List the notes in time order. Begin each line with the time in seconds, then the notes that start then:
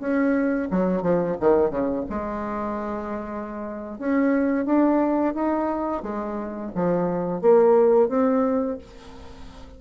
0.00 C#4
0.71 F#3
1.03 F3
1.40 D#3
1.70 C#3
2.10 G#3
3.99 C#4
4.66 D4
5.34 D#4
6.03 G#3
6.75 F3
7.42 A#3
8.09 C4